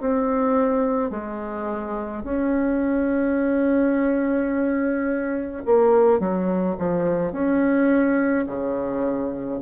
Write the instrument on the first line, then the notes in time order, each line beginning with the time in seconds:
bassoon
0.00 C4
1.10 G#3
2.23 C#4
5.65 A#3
6.19 F#3
6.78 F3
7.32 C#4
8.46 C#3